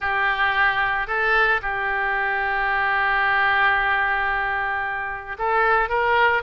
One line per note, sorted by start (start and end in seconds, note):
0.00 1.07 G4
1.07 1.60 A4
1.62 5.37 G4
5.38 5.89 A4
5.89 6.42 A#4